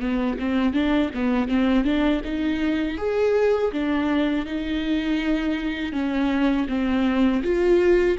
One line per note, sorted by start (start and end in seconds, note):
0.00 0.37 B3
0.39 0.73 C4
0.73 1.10 D4
1.14 1.48 B3
1.48 1.85 C4
1.85 2.22 D4
2.25 2.98 D#4
2.98 3.72 G#4
3.72 4.45 D4
4.45 5.93 D#4
5.93 6.67 C#4
6.68 7.42 C4
7.43 8.18 F4